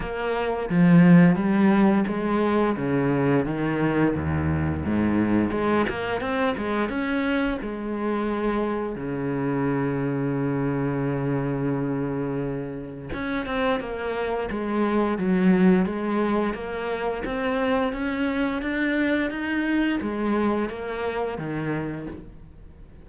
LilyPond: \new Staff \with { instrumentName = "cello" } { \time 4/4 \tempo 4 = 87 ais4 f4 g4 gis4 | cis4 dis4 dis,4 gis,4 | gis8 ais8 c'8 gis8 cis'4 gis4~ | gis4 cis2.~ |
cis2. cis'8 c'8 | ais4 gis4 fis4 gis4 | ais4 c'4 cis'4 d'4 | dis'4 gis4 ais4 dis4 | }